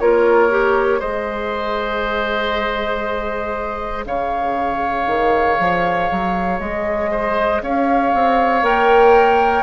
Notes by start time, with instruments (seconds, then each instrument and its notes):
0.00 bassoon A#3, clarinet F4, oboe A#4, flute C#5
0.50 clarinet G4
1.00 bassoon G#3, clarinet G#4, oboe C5, flute D#5
4.06 bassoon C#3, oboe C#5, flute F5
5.07 bassoon D#3
5.60 bassoon F3
6.11 bassoon F#3
6.60 bassoon G#3, flute D#5
7.11 oboe C5
7.62 bassoon C#4, oboe C#5, flute F5
8.14 bassoon C4
8.63 bassoon A#3, clarinet A#4, flute G5